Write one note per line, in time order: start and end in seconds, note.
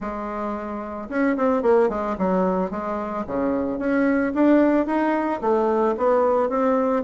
0.00 1.09 G#3
1.09 1.36 C#4
1.36 1.62 C4
1.62 1.89 A#3
1.89 2.16 G#3
2.17 2.70 F#3
2.70 3.24 G#3
3.26 3.78 C#3
3.78 4.32 C#4
4.34 4.86 D4
4.86 5.40 D#4
5.41 5.95 A3
5.97 6.49 B3
6.49 7.03 C4